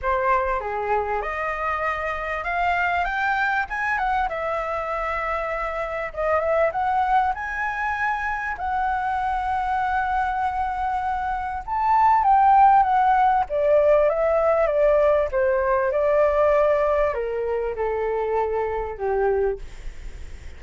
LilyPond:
\new Staff \with { instrumentName = "flute" } { \time 4/4 \tempo 4 = 98 c''4 gis'4 dis''2 | f''4 g''4 gis''8 fis''8 e''4~ | e''2 dis''8 e''8 fis''4 | gis''2 fis''2~ |
fis''2. a''4 | g''4 fis''4 d''4 e''4 | d''4 c''4 d''2 | ais'4 a'2 g'4 | }